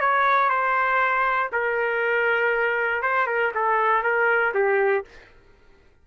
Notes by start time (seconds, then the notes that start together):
0.00 C#5
0.50 C5
1.52 A#4
3.02 C5
3.27 A#4
3.55 A4
4.03 A#4
4.54 G4